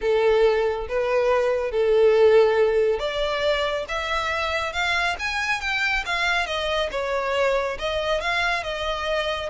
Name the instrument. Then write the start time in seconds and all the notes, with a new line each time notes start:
violin
0.01 A4
0.88 B4
1.71 A4
2.99 D5
3.88 E5
4.72 F5
5.19 G#5
5.60 G5
6.05 F5
6.46 D#5
6.91 C#5
7.78 D#5
8.20 F5
8.63 D#5